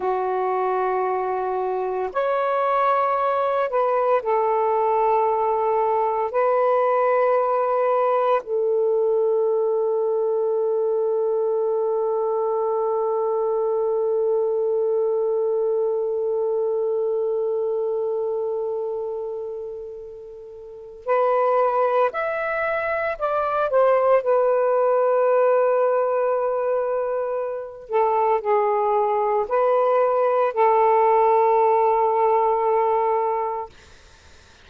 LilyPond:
\new Staff \with { instrumentName = "saxophone" } { \time 4/4 \tempo 4 = 57 fis'2 cis''4. b'8 | a'2 b'2 | a'1~ | a'1~ |
a'1 | b'4 e''4 d''8 c''8 b'4~ | b'2~ b'8 a'8 gis'4 | b'4 a'2. | }